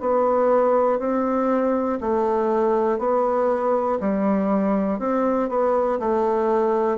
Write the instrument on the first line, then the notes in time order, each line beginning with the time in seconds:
bassoon
0.00 B3
0.99 C4
2.00 A3
2.99 B3
4.00 G3
5.00 C4
5.50 B3
6.00 A3